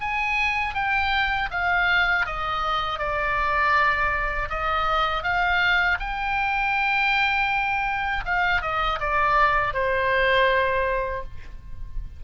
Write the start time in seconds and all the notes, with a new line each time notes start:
0.00 G#5
0.74 G5
1.50 F5
2.26 D#5
2.98 D5
4.49 D#5
5.23 F5
5.99 G5
8.25 F5
8.61 D#5
8.99 D5
9.73 C5